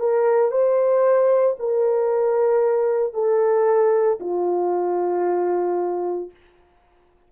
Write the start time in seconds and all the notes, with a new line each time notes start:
0.00 A#4
0.52 C5
1.59 A#4
3.14 A4
4.21 F4